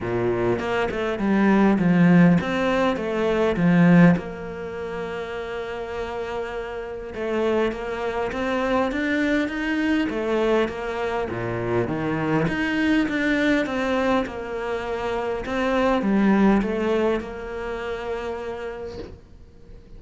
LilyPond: \new Staff \with { instrumentName = "cello" } { \time 4/4 \tempo 4 = 101 ais,4 ais8 a8 g4 f4 | c'4 a4 f4 ais4~ | ais1 | a4 ais4 c'4 d'4 |
dis'4 a4 ais4 ais,4 | dis4 dis'4 d'4 c'4 | ais2 c'4 g4 | a4 ais2. | }